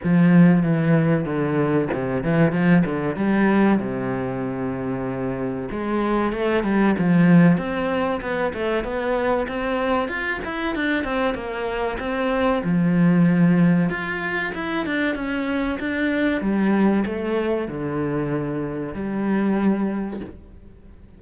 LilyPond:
\new Staff \with { instrumentName = "cello" } { \time 4/4 \tempo 4 = 95 f4 e4 d4 c8 e8 | f8 d8 g4 c2~ | c4 gis4 a8 g8 f4 | c'4 b8 a8 b4 c'4 |
f'8 e'8 d'8 c'8 ais4 c'4 | f2 f'4 e'8 d'8 | cis'4 d'4 g4 a4 | d2 g2 | }